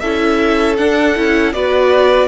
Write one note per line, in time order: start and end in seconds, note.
0.00 0.79 C#4
0.00 0.79 E4
0.00 1.54 A4
0.00 0.76 E5
0.78 1.16 D4
0.78 1.17 D4
0.78 1.53 F#5
1.16 1.54 C#4
1.16 1.54 E4
1.53 2.28 B3
1.53 2.28 F#4
1.53 2.28 B4
1.53 2.28 D5